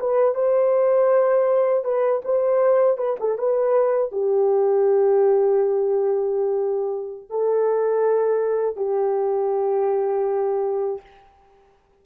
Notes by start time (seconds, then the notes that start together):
0.00 B4
0.35 C5
1.84 B4
2.25 C5
2.98 B4
3.20 A4
3.39 B4
4.12 G4
7.30 A4
8.76 G4